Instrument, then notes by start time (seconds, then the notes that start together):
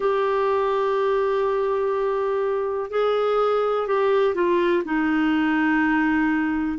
clarinet
0.00 G4
2.90 G#4
3.87 G4
4.35 F4
4.84 D#4